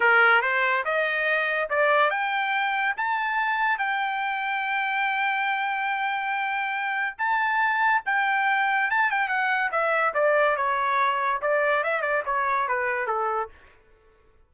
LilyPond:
\new Staff \with { instrumentName = "trumpet" } { \time 4/4 \tempo 4 = 142 ais'4 c''4 dis''2 | d''4 g''2 a''4~ | a''4 g''2.~ | g''1~ |
g''4 a''2 g''4~ | g''4 a''8 g''8 fis''4 e''4 | d''4 cis''2 d''4 | e''8 d''8 cis''4 b'4 a'4 | }